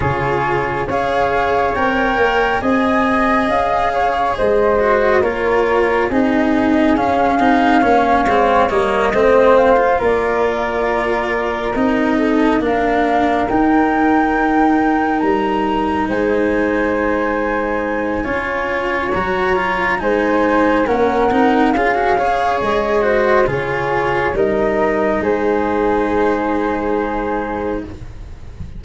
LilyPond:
<<
  \new Staff \with { instrumentName = "flute" } { \time 4/4 \tempo 4 = 69 cis''4 f''4 g''4 gis''4 | f''4 dis''4 cis''4 dis''4 | f''2 dis''4 f''8 d''8~ | d''4. dis''4 f''4 g''8~ |
g''4. ais''4 gis''4.~ | gis''2 ais''4 gis''4 | fis''4 f''4 dis''4 cis''4 | dis''4 c''2. | }
  \new Staff \with { instrumentName = "flute" } { \time 4/4 gis'4 cis''2 dis''4~ | dis''8 cis''8 c''4 ais'4 gis'4~ | gis'4 cis''4. c''4 ais'8~ | ais'2 a'8 ais'4.~ |
ais'2~ ais'8 c''4.~ | c''4 cis''2 c''4 | ais'4 gis'8 cis''4 c''8 gis'4 | ais'4 gis'2. | }
  \new Staff \with { instrumentName = "cello" } { \time 4/4 f'4 gis'4 ais'4 gis'4~ | gis'4. fis'8 f'4 dis'4 | cis'8 dis'8 cis'8 c'8 ais8 c'8. f'8.~ | f'4. dis'4 d'4 dis'8~ |
dis'1~ | dis'4 f'4 fis'8 f'8 dis'4 | cis'8 dis'8 f'16 fis'16 gis'4 fis'8 f'4 | dis'1 | }
  \new Staff \with { instrumentName = "tuba" } { \time 4/4 cis4 cis'4 c'8 ais8 c'4 | cis'4 gis4 ais4 c'4 | cis'8 c'8 ais8 gis8 g8 a4 ais8~ | ais4. c'4 ais4 dis'8~ |
dis'4. g4 gis4.~ | gis4 cis'4 fis4 gis4 | ais8 c'8 cis'4 gis4 cis4 | g4 gis2. | }
>>